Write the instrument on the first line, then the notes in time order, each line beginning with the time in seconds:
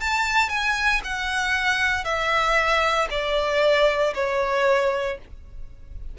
violin
0.00 A5
0.49 G#5
1.03 F#5
2.04 E5
3.10 D5
4.14 C#5